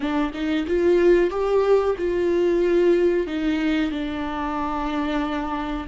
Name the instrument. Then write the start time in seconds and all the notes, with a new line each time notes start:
viola
0.00 D4
0.33 D#4
0.67 F4
1.30 G4
1.97 F4
3.26 D#4
3.91 D4